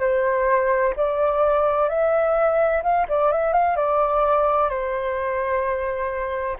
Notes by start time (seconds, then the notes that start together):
0.00 C5
0.96 D5
1.89 E5
2.83 F5
3.09 D5
3.32 E5
3.53 F5
3.77 D5
4.70 C5